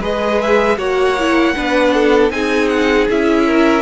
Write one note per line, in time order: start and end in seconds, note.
0.00 0.77 G#3
0.00 0.77 G#4
0.00 0.77 B4
0.00 0.41 D#5
0.41 0.78 E5
0.77 1.54 A#3
0.77 1.16 F#4
0.77 1.54 C#5
0.77 2.31 F#5
1.19 1.55 E4
1.55 2.30 B3
1.55 2.31 D4
1.55 1.94 B4
1.94 2.32 A4
2.30 3.07 C4
2.30 3.08 D#4
2.30 3.46 G#4
2.30 2.68 G#5
2.68 3.07 F#5
3.09 3.81 C#4
3.09 3.81 E4
3.09 3.81 E5
3.46 3.81 A#4